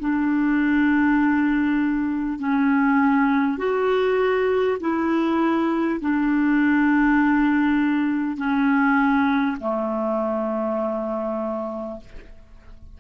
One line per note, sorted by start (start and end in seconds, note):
0.00 2.39 D4
2.39 3.57 C#4
3.57 4.77 F#4
4.80 6.00 E4
6.01 8.37 D4
8.37 9.57 C#4
9.60 12.00 A3